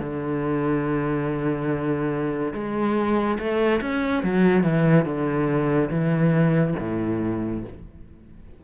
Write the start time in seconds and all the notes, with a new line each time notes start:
0.00 D3
2.54 G#3
3.39 A3
3.81 C#4
4.23 F#3
4.63 E3
5.06 D3
5.90 E3
6.80 A2